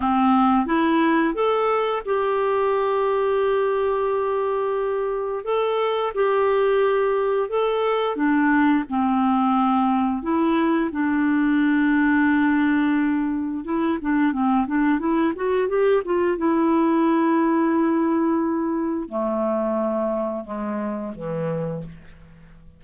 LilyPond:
\new Staff \with { instrumentName = "clarinet" } { \time 4/4 \tempo 4 = 88 c'4 e'4 a'4 g'4~ | g'1 | a'4 g'2 a'4 | d'4 c'2 e'4 |
d'1 | e'8 d'8 c'8 d'8 e'8 fis'8 g'8 f'8 | e'1 | a2 gis4 e4 | }